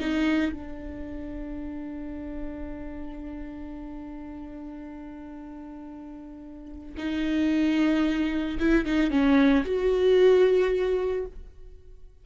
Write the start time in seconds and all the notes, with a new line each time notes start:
0.00 D#4
0.53 D4
6.98 D#4
8.60 E4
8.86 D#4
9.11 C#4
9.65 F#4